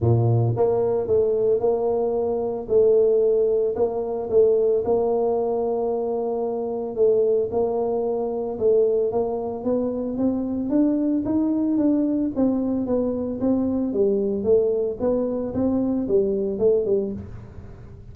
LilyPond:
\new Staff \with { instrumentName = "tuba" } { \time 4/4 \tempo 4 = 112 ais,4 ais4 a4 ais4~ | ais4 a2 ais4 | a4 ais2.~ | ais4 a4 ais2 |
a4 ais4 b4 c'4 | d'4 dis'4 d'4 c'4 | b4 c'4 g4 a4 | b4 c'4 g4 a8 g8 | }